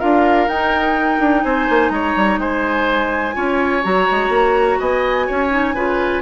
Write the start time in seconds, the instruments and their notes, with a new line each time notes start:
0.00 bassoon D4, clarinet F4, oboe A#4, flute F5
0.48 bassoon D#4, clarinet D#4, flute G5
1.20 bassoon D4
1.44 bassoon C4, oboe C5, flute G#5
1.70 bassoon A#3
1.90 bassoon G#3, oboe C#5, flute A#5
2.17 bassoon G3
2.39 bassoon G#3, oboe C5, flute G#5
3.34 bassoon C#4, clarinet F4, oboe C#5
3.83 bassoon F#3, clarinet F#4, flute A#5
4.12 bassoon G#3
4.29 bassoon A#3
4.79 bassoon B3, oboe D#5, flute G#5
5.27 bassoon C#4, oboe C#5
5.51 clarinet D#4
5.75 bassoon C#3, clarinet F4, oboe B4